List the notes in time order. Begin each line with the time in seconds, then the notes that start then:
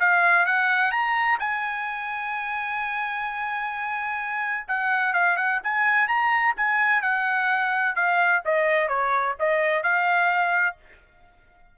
0.00 F5
0.46 F#5
0.91 A#5
1.39 G#5
4.68 F#5
5.13 F5
5.37 F#5
5.63 G#5
6.08 A#5
6.57 G#5
7.02 F#5
7.95 F5
8.45 D#5
8.88 C#5
9.39 D#5
9.83 F5